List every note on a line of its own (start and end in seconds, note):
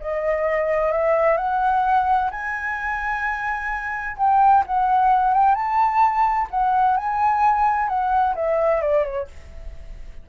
0.00 0.92 D#5
0.92 1.37 E5
1.37 2.30 F#5
2.31 4.17 G#5
4.17 4.64 G5
4.66 5.34 F#5
5.34 5.55 G5
5.55 6.48 A5
6.51 6.97 F#5
6.97 7.88 G#5
7.88 8.35 F#5
8.35 8.82 E5
8.82 9.04 D5
9.04 9.27 C#5